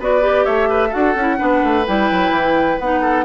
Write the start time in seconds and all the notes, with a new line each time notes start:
0.00 B3 F#4 B4 D5
0.21 G4
0.45 A3 C#5 E5
0.70 B4
0.89 F#4 A4 F#5
0.95 D4
1.16 C#4 E4
1.38 B3 D4 B4
1.64 A3
1.87 G3 E4 G5
2.12 F#3
2.31 E3
2.79 B3 D#4 F#5
3.02 A4